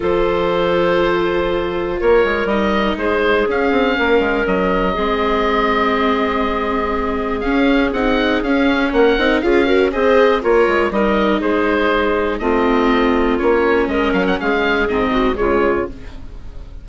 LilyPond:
<<
  \new Staff \with { instrumentName = "oboe" } { \time 4/4 \tempo 4 = 121 c''1 | cis''4 dis''4 c''4 f''4~ | f''4 dis''2.~ | dis''2. f''4 |
fis''4 f''4 fis''4 f''4 | dis''4 cis''4 dis''4 c''4~ | c''4 dis''2 cis''4 | dis''8 f''16 fis''16 f''4 dis''4 cis''4 | }
  \new Staff \with { instrumentName = "clarinet" } { \time 4/4 a'1 | ais'2 gis'2 | ais'2 gis'2~ | gis'1~ |
gis'2 ais'4 gis'8 ais'8 | c''4 f'4 ais'4 gis'4~ | gis'4 f'2. | ais'4 gis'4. fis'8 f'4 | }
  \new Staff \with { instrumentName = "viola" } { \time 4/4 f'1~ | f'4 dis'2 cis'4~ | cis'2 c'2~ | c'2. cis'4 |
dis'4 cis'4. dis'8 f'8 fis'8 | gis'4 ais'4 dis'2~ | dis'4 c'2 cis'4~ | cis'2 c'4 gis4 | }
  \new Staff \with { instrumentName = "bassoon" } { \time 4/4 f1 | ais8 gis8 g4 gis4 cis'8 c'8 | ais8 gis8 fis4 gis2~ | gis2. cis'4 |
c'4 cis'4 ais8 c'8 cis'4 | c'4 ais8 gis8 g4 gis4~ | gis4 a2 ais4 | gis8 fis8 gis4 gis,4 cis4 | }
>>